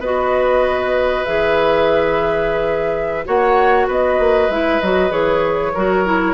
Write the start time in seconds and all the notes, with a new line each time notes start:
0.00 B3 F#4 B4 D#5
1.25 E3 G#4 E5
3.26 A#3 F#4 C#5 F#5
3.87 B3 B4 D#5
4.19 A#3
4.49 G#3 E4 E5
4.81 F#3 F#4 D#5
5.10 E3 G#4 C#5
5.74 F#3 F#4 A#4
6.05 E4